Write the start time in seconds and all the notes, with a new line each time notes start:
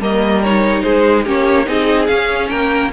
0.00 G3 A#3 A#4 D#5
0.44 D#4 C#5
0.83 G#3 G#4 C5
1.25 A#3 C#4 G4 C#5
1.65 C4 D#4 G#4 D#5
2.07 C#4 F5
2.50 A#3 A#4 G5